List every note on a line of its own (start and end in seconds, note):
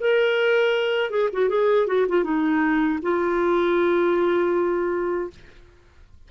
0.00 1.10 A#4
1.10 1.29 G#4
1.33 1.49 F#4
1.49 1.87 G#4
1.87 2.06 F#4
2.08 2.23 F4
2.23 2.99 D#4
3.02 5.30 F4